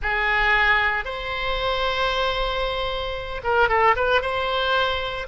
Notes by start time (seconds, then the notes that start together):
0.02 G#4
1.04 C5
3.43 A#4
3.68 A4
3.95 B4
4.21 C5